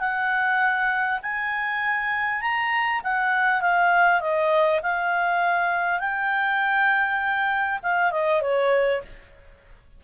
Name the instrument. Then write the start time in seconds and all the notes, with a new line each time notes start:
clarinet
0.00 F#5
1.23 G#5
2.42 A#5
3.04 F#5
3.62 F5
4.21 D#5
4.83 F5
6.00 G5
7.83 F5
8.12 D#5
8.42 C#5